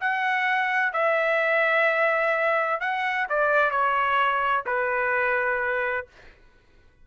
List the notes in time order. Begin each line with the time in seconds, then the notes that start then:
0.00 F#5
0.93 E5
2.80 F#5
3.29 D5
3.71 C#5
4.66 B4